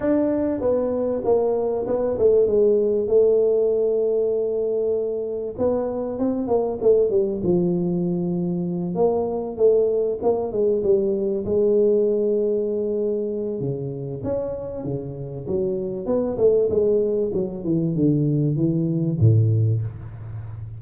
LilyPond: \new Staff \with { instrumentName = "tuba" } { \time 4/4 \tempo 4 = 97 d'4 b4 ais4 b8 a8 | gis4 a2.~ | a4 b4 c'8 ais8 a8 g8 | f2~ f8 ais4 a8~ |
a8 ais8 gis8 g4 gis4.~ | gis2 cis4 cis'4 | cis4 fis4 b8 a8 gis4 | fis8 e8 d4 e4 a,4 | }